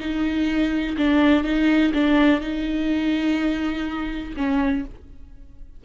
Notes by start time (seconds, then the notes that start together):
0.00 D#4
0.98 D4
1.44 D#4
1.94 D4
2.41 D#4
4.37 C#4